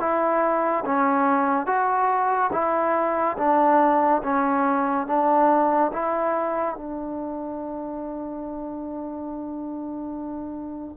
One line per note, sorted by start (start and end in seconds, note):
0.00 0.85 E4
0.85 1.67 C#4
1.67 2.51 F#4
2.53 3.37 E4
3.38 4.23 D4
4.23 5.07 C#4
5.07 5.92 D4
5.93 6.76 E4
6.76 10.97 D4